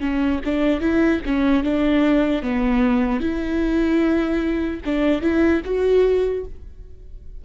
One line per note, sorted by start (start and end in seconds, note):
0.00 0.40 C#4
0.45 0.80 D4
0.80 1.21 E4
1.26 1.64 C#4
1.64 2.43 D4
2.43 3.20 B3
3.20 4.80 E4
4.85 5.22 D4
5.22 5.62 E4
5.65 6.45 F#4